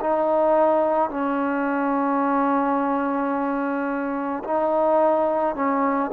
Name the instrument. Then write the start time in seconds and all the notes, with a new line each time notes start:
trombone
0.00 D#4
1.10 C#4
4.43 D#4
5.55 C#4